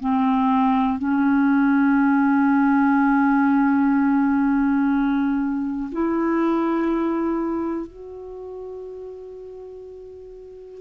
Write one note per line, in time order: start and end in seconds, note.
0.00 0.98 C4
0.98 5.90 C#4
5.92 7.87 E4
7.87 10.81 F#4